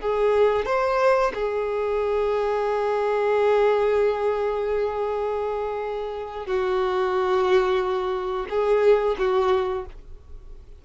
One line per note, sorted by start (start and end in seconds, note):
0.00 0.65 G#4
0.65 1.32 C5
1.34 6.46 G#4
6.46 8.46 F#4
8.49 9.16 G#4
9.18 9.85 F#4